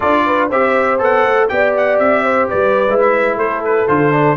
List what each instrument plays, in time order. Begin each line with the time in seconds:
0.00 tuba D4, trombone F4, horn A4, trumpet D5
0.26 horn B4
0.49 tuba C4, trombone G4, horn C5, trumpet E5
0.98 tuba B3, trombone A4, trumpet F#5
1.24 tuba A3
1.48 tuba B3, trombone G4, horn D5, trumpet G5
1.76 trumpet F#5
1.99 tuba C4, trumpet E5
2.23 horn C5
2.48 tuba G3, horn B4, trumpet D5
2.88 tuba G#3, trombone E4
3.00 trumpet E5
3.35 tuba A3, horn A4, trumpet C5
3.64 trumpet B4
3.87 tuba D3, trombone F4, trumpet C5
4.12 trombone D4